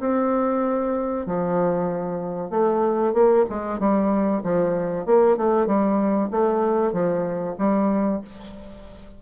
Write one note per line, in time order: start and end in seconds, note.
0.00 1.26 C4
1.26 2.50 F3
2.50 3.13 A3
3.13 3.45 A#3
3.50 3.79 G#3
3.79 4.42 G3
4.43 5.06 F3
5.06 5.37 A#3
5.37 5.67 A3
5.67 6.30 G3
6.31 6.92 A3
6.92 7.56 F3
7.58 8.21 G3